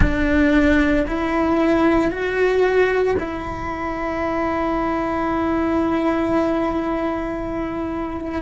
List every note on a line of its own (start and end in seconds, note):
0.00 1.05 D4
1.07 2.11 E4
2.11 3.16 F#4
3.19 8.42 E4